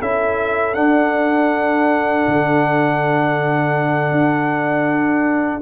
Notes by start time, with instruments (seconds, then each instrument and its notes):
0.00 tuba C#4, trombone E4, horn A4, trumpet E5
0.74 trombone D4, tuba D4, trumpet F#5
2.27 tuba D3
4.11 tuba D4